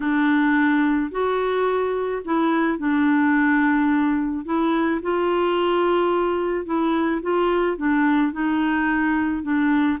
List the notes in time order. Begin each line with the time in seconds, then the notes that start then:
0.00 D4
1.11 F#4
2.24 E4
2.78 D4
4.45 E4
5.02 F4
6.65 E4
7.22 F4
7.77 D4
8.32 D#4
9.42 D4